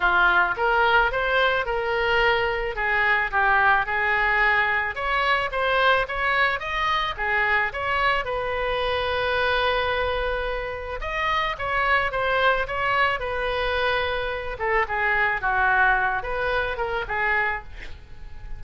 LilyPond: \new Staff \with { instrumentName = "oboe" } { \time 4/4 \tempo 4 = 109 f'4 ais'4 c''4 ais'4~ | ais'4 gis'4 g'4 gis'4~ | gis'4 cis''4 c''4 cis''4 | dis''4 gis'4 cis''4 b'4~ |
b'1 | dis''4 cis''4 c''4 cis''4 | b'2~ b'8 a'8 gis'4 | fis'4. b'4 ais'8 gis'4 | }